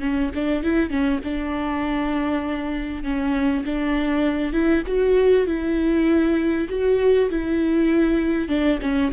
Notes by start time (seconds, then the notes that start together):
0.00 C#4
0.35 D4
0.63 E4
0.90 C#4
1.24 D4
3.04 C#4
3.65 D4
4.53 E4
4.87 F#4
5.47 E4
6.69 F#4
7.30 E4
8.48 D4
8.82 C#4